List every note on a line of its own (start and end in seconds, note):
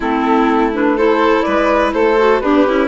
0.00 1.41 A3
0.00 0.73 C4
0.00 0.96 E4
0.00 0.73 A4
0.73 0.97 D4
0.73 0.97 B4
0.96 2.18 E4
0.96 1.45 A4
0.96 1.42 C5
1.42 1.93 G#3
1.42 1.93 B4
1.42 1.90 D5
1.93 2.41 A3
1.93 2.43 A4
1.93 2.40 C5
2.18 2.42 F#4
2.40 2.67 B3
2.40 2.67 D4
2.40 2.88 G4
2.40 2.88 B4
2.67 2.88 C#4
2.67 2.88 E4